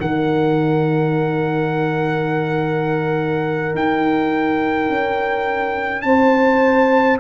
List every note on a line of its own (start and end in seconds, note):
0.00 3.75 D#3
0.00 7.21 D#4
0.00 6.06 A#4
0.00 3.76 F#5
3.75 4.89 D#4
3.75 6.02 G5
4.89 6.04 C#4
6.02 7.20 C4
6.02 7.21 C5
6.02 7.18 A5